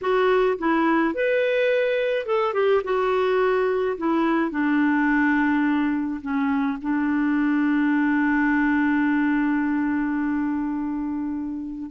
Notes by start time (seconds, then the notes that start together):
0.01 F#4
0.58 E4
1.14 B4
2.25 A4
2.53 G4
2.84 F#4
3.97 E4
4.51 D4
6.21 C#4
6.81 D4